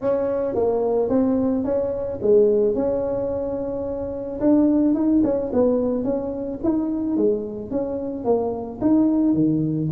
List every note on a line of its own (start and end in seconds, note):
0.01 0.54 C#4
0.54 1.09 A#3
1.09 1.64 C4
1.64 2.19 C#4
2.22 2.74 G#3
2.74 4.40 C#4
4.40 4.94 D4
4.94 5.21 D#4
5.23 5.51 C#4
5.52 6.04 B3
6.04 6.59 C#4
6.63 7.17 D#4
7.17 7.70 G#3
7.70 8.24 C#4
8.24 8.79 A#3
8.81 9.34 D#4
9.34 9.89 D#3